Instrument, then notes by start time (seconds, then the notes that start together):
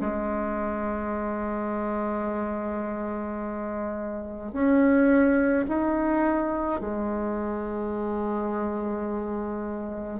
bassoon
0.00 G#3
4.52 C#4
5.68 D#4
6.80 G#3